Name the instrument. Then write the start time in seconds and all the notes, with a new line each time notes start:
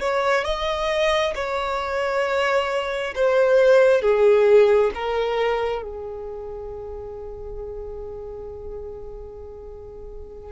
violin
0.00 C#5
0.44 D#5
1.35 C#5
3.15 C5
4.01 G#4
4.94 A#4
5.82 G#4